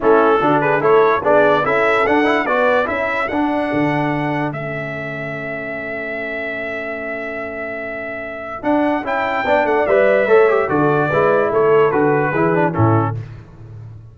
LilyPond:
<<
  \new Staff \with { instrumentName = "trumpet" } { \time 4/4 \tempo 4 = 146 a'4. b'8 cis''4 d''4 | e''4 fis''4 d''4 e''4 | fis''2. e''4~ | e''1~ |
e''1~ | e''4 fis''4 g''4. fis''8 | e''2 d''2 | cis''4 b'2 a'4 | }
  \new Staff \with { instrumentName = "horn" } { \time 4/4 e'4 fis'8 gis'8 a'4 gis'4 | a'2 b'4 a'4~ | a'1~ | a'1~ |
a'1~ | a'2. d''4~ | d''4 cis''4 a'4 b'4 | a'2 gis'4 e'4 | }
  \new Staff \with { instrumentName = "trombone" } { \time 4/4 cis'4 d'4 e'4 d'4 | e'4 d'8 e'8 fis'4 e'4 | d'2. cis'4~ | cis'1~ |
cis'1~ | cis'4 d'4 e'4 d'4 | b'4 a'8 g'8 fis'4 e'4~ | e'4 fis'4 e'8 d'8 cis'4 | }
  \new Staff \with { instrumentName = "tuba" } { \time 4/4 a4 d4 a4 b4 | cis'4 d'4 b4 cis'4 | d'4 d2 a4~ | a1~ |
a1~ | a4 d'4 cis'4 b8 a8 | g4 a4 d4 gis4 | a4 d4 e4 a,4 | }
>>